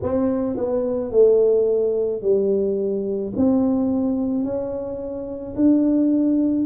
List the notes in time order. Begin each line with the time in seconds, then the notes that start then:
0.02 C4
0.56 B3
1.11 A3
2.21 G3
3.36 C4
4.43 C#4
5.55 D4